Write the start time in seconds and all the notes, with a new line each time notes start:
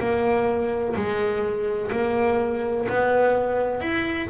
0.00 A#3
0.97 G#3
1.92 A#3
2.89 B3
3.81 E4